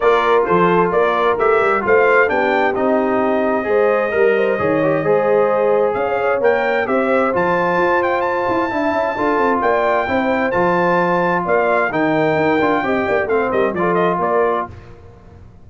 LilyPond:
<<
  \new Staff \with { instrumentName = "trumpet" } { \time 4/4 \tempo 4 = 131 d''4 c''4 d''4 e''4 | f''4 g''4 dis''2~ | dis''1~ | dis''4 f''4 g''4 e''4 |
a''4. g''8 a''2~ | a''4 g''2 a''4~ | a''4 f''4 g''2~ | g''4 f''8 dis''8 d''8 dis''8 d''4 | }
  \new Staff \with { instrumentName = "horn" } { \time 4/4 ais'4 a'4 ais'2 | c''4 g'2. | c''4 ais'8 c''8 cis''4 c''4~ | c''4 cis''2 c''4~ |
c''2. e''4 | a'4 d''4 c''2~ | c''4 d''4 ais'2 | dis''8 d''8 c''8 ais'8 a'4 ais'4 | }
  \new Staff \with { instrumentName = "trombone" } { \time 4/4 f'2. g'4 | f'4 d'4 dis'2 | gis'4 ais'4 gis'8 g'8 gis'4~ | gis'2 ais'4 g'4 |
f'2. e'4 | f'2 e'4 f'4~ | f'2 dis'4. f'8 | g'4 c'4 f'2 | }
  \new Staff \with { instrumentName = "tuba" } { \time 4/4 ais4 f4 ais4 a8 g8 | a4 b4 c'2 | gis4 g4 dis4 gis4~ | gis4 cis'4 ais4 c'4 |
f4 f'4. e'8 d'8 cis'8 | d'8 c'8 ais4 c'4 f4~ | f4 ais4 dis4 dis'8 d'8 | c'8 ais8 a8 g8 f4 ais4 | }
>>